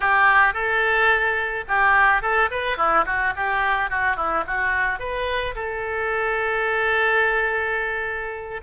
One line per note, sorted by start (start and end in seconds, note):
0.00 0.53 G4
0.53 1.64 A4
1.68 2.21 G4
2.21 2.49 A4
2.50 2.77 B4
2.77 3.05 E4
3.06 3.33 F#4
3.35 3.90 G4
3.90 4.16 F#4
4.16 4.44 E4
4.46 4.99 F#4
4.99 5.54 B4
5.55 8.61 A4